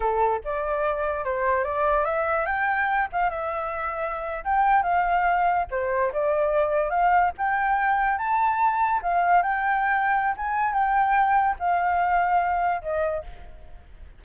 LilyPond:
\new Staff \with { instrumentName = "flute" } { \time 4/4 \tempo 4 = 145 a'4 d''2 c''4 | d''4 e''4 g''4. f''8 | e''2~ e''8. g''4 f''16~ | f''4.~ f''16 c''4 d''4~ d''16~ |
d''8. f''4 g''2 a''16~ | a''4.~ a''16 f''4 g''4~ g''16~ | g''4 gis''4 g''2 | f''2. dis''4 | }